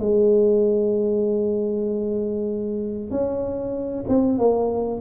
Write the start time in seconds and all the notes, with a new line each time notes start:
0.00 G#3
3.11 C#4
4.09 C4
4.38 A#3